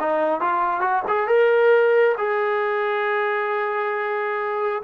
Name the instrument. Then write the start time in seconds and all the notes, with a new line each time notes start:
trombone
0.00 D#4
0.41 F4
0.81 F#4
1.08 G#4
1.28 A#4
2.18 G#4